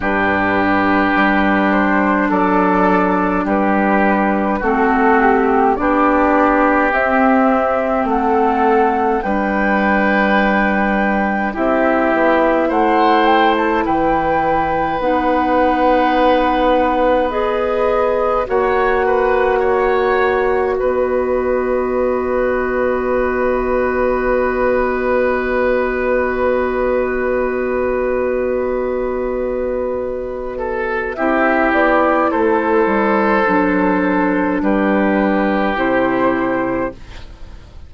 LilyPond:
<<
  \new Staff \with { instrumentName = "flute" } { \time 4/4 \tempo 4 = 52 b'4. c''8 d''4 b'4 | a'8 g'8 d''4 e''4 fis''4 | g''2 e''4 fis''8 g''16 a''16 | g''4 fis''2 dis''4 |
fis''2 dis''2~ | dis''1~ | dis''2. e''8 d''8 | c''2 b'4 c''4 | }
  \new Staff \with { instrumentName = "oboe" } { \time 4/4 g'2 a'4 g'4 | fis'4 g'2 a'4 | b'2 g'4 c''4 | b'1 |
cis''8 b'8 cis''4 b'2~ | b'1~ | b'2~ b'8 a'8 g'4 | a'2 g'2 | }
  \new Staff \with { instrumentName = "clarinet" } { \time 4/4 d'1 | c'4 d'4 c'2 | d'2 e'2~ | e'4 dis'2 gis'4 |
fis'1~ | fis'1~ | fis'2. e'4~ | e'4 d'2 e'4 | }
  \new Staff \with { instrumentName = "bassoon" } { \time 4/4 g,4 g4 fis4 g4 | a4 b4 c'4 a4 | g2 c'8 b8 a4 | e4 b2. |
ais2 b2~ | b1~ | b2. c'8 b8 | a8 g8 fis4 g4 c4 | }
>>